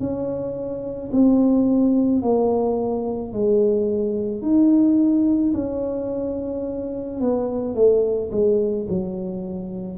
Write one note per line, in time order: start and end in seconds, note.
0.00 1.11 C#4
1.13 2.22 C4
2.22 3.33 A#3
3.33 4.42 G#3
4.42 5.53 D#4
5.54 7.21 C#4
7.21 7.75 B3
7.75 8.30 A3
8.32 8.87 G#3
8.89 9.98 F#3